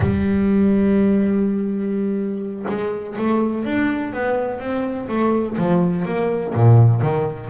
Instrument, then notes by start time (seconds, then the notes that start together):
double bass
0.00 G3
2.68 G#3
3.17 A3
3.64 D4
4.13 B3
4.59 C4
5.08 A3
5.57 F3
6.05 A#3
6.54 A#2
7.01 D#3